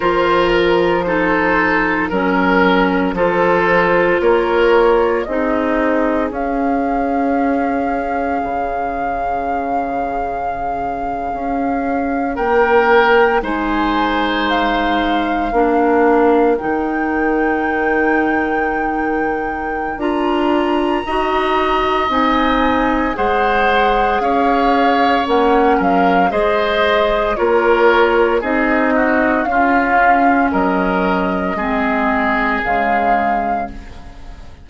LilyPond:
<<
  \new Staff \with { instrumentName = "flute" } { \time 4/4 \tempo 4 = 57 c''8 ais'8 c''4 ais'4 c''4 | cis''4 dis''4 f''2~ | f''2.~ f''8. g''16~ | g''8. gis''4 f''2 g''16~ |
g''2. ais''4~ | ais''4 gis''4 fis''4 f''4 | fis''8 f''8 dis''4 cis''4 dis''4 | f''4 dis''2 f''4 | }
  \new Staff \with { instrumentName = "oboe" } { \time 4/4 ais'4 a'4 ais'4 a'4 | ais'4 gis'2.~ | gis'2.~ gis'8. ais'16~ | ais'8. c''2 ais'4~ ais'16~ |
ais'1 | dis''2 c''4 cis''4~ | cis''8 ais'8 c''4 ais'4 gis'8 fis'8 | f'4 ais'4 gis'2 | }
  \new Staff \with { instrumentName = "clarinet" } { \time 4/4 f'4 dis'4 cis'4 f'4~ | f'4 dis'4 cis'2~ | cis'1~ | cis'8. dis'2 d'4 dis'16~ |
dis'2. f'4 | fis'4 dis'4 gis'2 | cis'4 gis'4 f'4 dis'4 | cis'2 c'4 gis4 | }
  \new Staff \with { instrumentName = "bassoon" } { \time 4/4 f2 fis4 f4 | ais4 c'4 cis'2 | cis2~ cis8. cis'4 ais16~ | ais8. gis2 ais4 dis16~ |
dis2. d'4 | dis'4 c'4 gis4 cis'4 | ais8 fis8 gis4 ais4 c'4 | cis'4 fis4 gis4 cis4 | }
>>